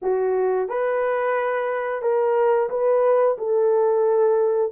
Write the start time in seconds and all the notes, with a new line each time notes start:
0.02 F#4
0.68 B4
2.02 A#4
2.69 B4
3.38 A4